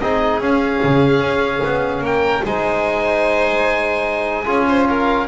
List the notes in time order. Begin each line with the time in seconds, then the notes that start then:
0.00 C4 D#4 G#4 D#5
0.40 C#4 F5
0.84 C#3
1.21 C#4
1.65 B3
2.01 A#3 A#4 G5
2.44 G#3 D#4 C5 G#5
4.45 C#4 F4 G#4
4.68 C5
4.89 A#4 F5